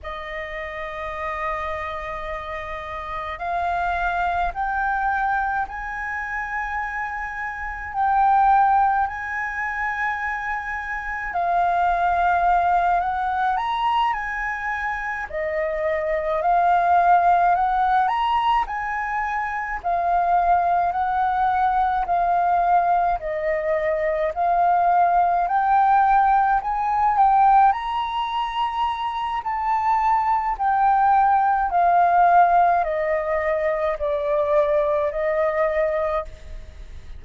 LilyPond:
\new Staff \with { instrumentName = "flute" } { \time 4/4 \tempo 4 = 53 dis''2. f''4 | g''4 gis''2 g''4 | gis''2 f''4. fis''8 | ais''8 gis''4 dis''4 f''4 fis''8 |
ais''8 gis''4 f''4 fis''4 f''8~ | f''8 dis''4 f''4 g''4 gis''8 | g''8 ais''4. a''4 g''4 | f''4 dis''4 d''4 dis''4 | }